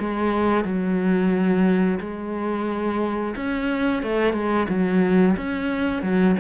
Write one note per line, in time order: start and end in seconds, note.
0.00 0.65 G#3
0.65 2.00 F#3
2.00 3.35 G#3
3.36 4.03 C#4
4.03 4.34 A3
4.34 4.67 G#3
4.69 5.37 F#3
5.37 6.03 C#4
6.03 6.36 F#3